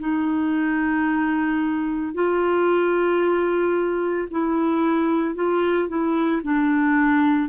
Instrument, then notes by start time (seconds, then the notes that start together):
clarinet
0.00 D#4
2.14 F4
4.31 E4
5.35 F4
5.88 E4
6.43 D4